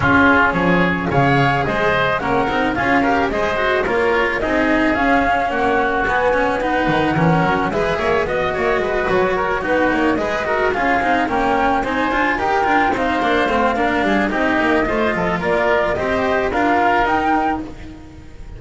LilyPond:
<<
  \new Staff \with { instrumentName = "flute" } { \time 4/4 \tempo 4 = 109 gis'4 cis''4 f''4 dis''4 | fis''4 f''4 dis''4 cis''4 | dis''4 f''4 fis''4 gis''4 | fis''2 e''4 dis''4~ |
dis''8 cis''4 b'8 cis''8 dis''4 f''8~ | f''8 g''4 gis''4 g''4 f''8~ | f''2 dis''2 | d''4 dis''4 f''4 g''4 | }
  \new Staff \with { instrumentName = "oboe" } { \time 4/4 f'4 gis'4 cis''4 c''4 | ais'4 gis'8 ais'8 c''4 ais'4 | gis'2 fis'2 | b'4 ais'4 b'8 cis''8 dis''8 cis''8 |
b'4 ais'8 fis'4 b'8 ais'8 gis'8~ | gis'8 ais'4 c''4 ais'4 c''8~ | c''4 ais'8 gis'8 g'4 c''8 a'8 | ais'4 c''4 ais'2 | }
  \new Staff \with { instrumentName = "cello" } { \time 4/4 cis'2 gis'2 | cis'8 dis'8 f'8 g'8 gis'8 fis'8 f'4 | dis'4 cis'2 b8 cis'8 | dis'4 cis'4 gis'4 fis'4~ |
fis'4. dis'4 gis'8 fis'8 f'8 | dis'8 cis'4 dis'8 f'8 g'8 f'8 dis'8 | d'8 c'8 d'4 dis'4 f'4~ | f'4 g'4 f'4 dis'4 | }
  \new Staff \with { instrumentName = "double bass" } { \time 4/4 cis'4 f4 cis4 gis4 | ais8 c'8 cis'4 gis4 ais4 | c'4 cis'4 ais4 b4~ | b8 dis8 e8 fis8 gis8 ais8 b8 ais8 |
gis8 fis4 b8 ais8 gis4 cis'8 | c'8 ais4 c'8 d'8 dis'8 d'8 c'8 | ais8 a8 ais8 g8 c'8 ais8 a8 f8 | ais4 c'4 d'4 dis'4 | }
>>